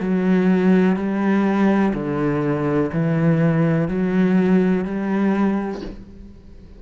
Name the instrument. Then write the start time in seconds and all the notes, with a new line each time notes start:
cello
0.00 F#3
0.96 G3
1.94 D3
2.92 E3
3.88 F#3
4.85 G3